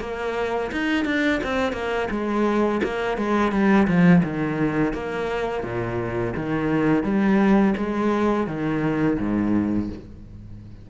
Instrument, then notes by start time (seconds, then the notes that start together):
cello
0.00 A#3
0.71 D#4
1.05 D4
1.43 C4
1.73 A#3
2.10 G#3
2.83 A#3
3.17 G#3
3.51 G3
3.87 F3
4.23 D#3
4.93 A#3
5.63 A#2
6.36 D#3
7.03 G3
7.77 G#3
8.47 D#3
9.19 G#2